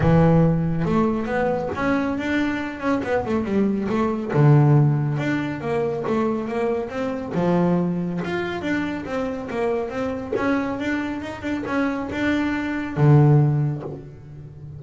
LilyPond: \new Staff \with { instrumentName = "double bass" } { \time 4/4 \tempo 4 = 139 e2 a4 b4 | cis'4 d'4. cis'8 b8 a8 | g4 a4 d2 | d'4 ais4 a4 ais4 |
c'4 f2 f'4 | d'4 c'4 ais4 c'4 | cis'4 d'4 dis'8 d'8 cis'4 | d'2 d2 | }